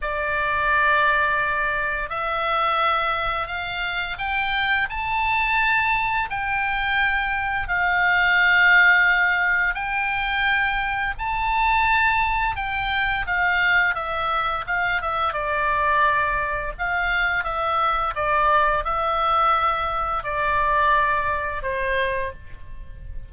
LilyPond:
\new Staff \with { instrumentName = "oboe" } { \time 4/4 \tempo 4 = 86 d''2. e''4~ | e''4 f''4 g''4 a''4~ | a''4 g''2 f''4~ | f''2 g''2 |
a''2 g''4 f''4 | e''4 f''8 e''8 d''2 | f''4 e''4 d''4 e''4~ | e''4 d''2 c''4 | }